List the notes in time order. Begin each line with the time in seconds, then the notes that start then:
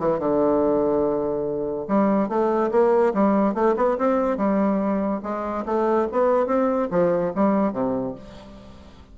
0.00 E3
0.19 D3
1.88 G3
2.29 A3
2.71 A#3
3.14 G3
3.54 A3
3.77 B3
3.98 C4
4.38 G3
5.23 G#3
5.66 A3
6.12 B3
6.47 C4
6.91 F3
7.35 G3
7.73 C3